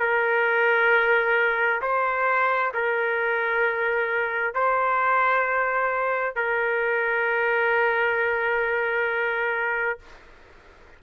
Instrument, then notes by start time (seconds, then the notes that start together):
trumpet
0.00 A#4
1.82 C5
2.75 A#4
4.55 C5
6.36 A#4